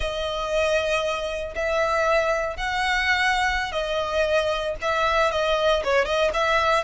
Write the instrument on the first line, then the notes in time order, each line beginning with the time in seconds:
violin
0.00 D#5
1.55 E5
2.57 F#5
3.71 D#5
4.81 E5
5.31 D#5
5.84 C#5
6.05 D#5
6.33 E5